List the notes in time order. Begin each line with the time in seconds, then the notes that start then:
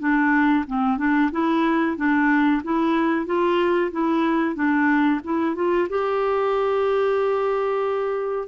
0.00 D4
0.67 C4
0.98 D4
1.32 E4
1.97 D4
2.64 E4
3.26 F4
3.92 E4
4.55 D4
5.24 E4
5.56 F4
5.90 G4